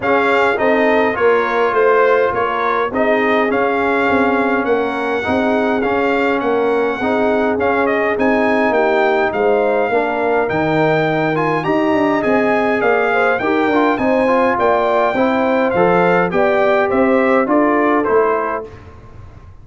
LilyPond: <<
  \new Staff \with { instrumentName = "trumpet" } { \time 4/4 \tempo 4 = 103 f''4 dis''4 cis''4 c''4 | cis''4 dis''4 f''2 | fis''2 f''4 fis''4~ | fis''4 f''8 dis''8 gis''4 g''4 |
f''2 g''4. gis''8 | ais''4 gis''4 f''4 g''4 | gis''4 g''2 f''4 | g''4 e''4 d''4 c''4 | }
  \new Staff \with { instrumentName = "horn" } { \time 4/4 gis'4 a'4 ais'4 c''4 | ais'4 gis'2. | ais'4 gis'2 ais'4 | gis'2. g'4 |
c''4 ais'2. | dis''2 d''8 c''8 ais'4 | c''4 d''4 c''2 | d''4 c''4 a'2 | }
  \new Staff \with { instrumentName = "trombone" } { \time 4/4 cis'4 dis'4 f'2~ | f'4 dis'4 cis'2~ | cis'4 dis'4 cis'2 | dis'4 cis'4 dis'2~ |
dis'4 d'4 dis'4. f'8 | g'4 gis'2 g'8 f'8 | dis'8 f'4. e'4 a'4 | g'2 f'4 e'4 | }
  \new Staff \with { instrumentName = "tuba" } { \time 4/4 cis'4 c'4 ais4 a4 | ais4 c'4 cis'4 c'4 | ais4 c'4 cis'4 ais4 | c'4 cis'4 c'4 ais4 |
gis4 ais4 dis2 | dis'8 d'8 c'4 ais4 dis'8 d'8 | c'4 ais4 c'4 f4 | b4 c'4 d'4 a4 | }
>>